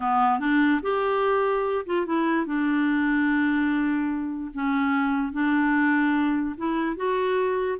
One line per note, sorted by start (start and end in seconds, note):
0.00 0.39 B3
0.39 0.80 D4
0.82 1.85 G4
1.85 2.06 F4
2.06 2.46 E4
2.46 4.51 D4
4.54 5.32 C#4
5.32 6.55 D4
6.57 6.96 E4
6.96 7.78 F#4